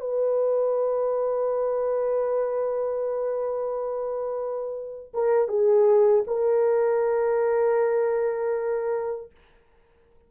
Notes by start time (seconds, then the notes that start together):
0.00 B4
5.14 A#4
5.48 G#4
6.27 A#4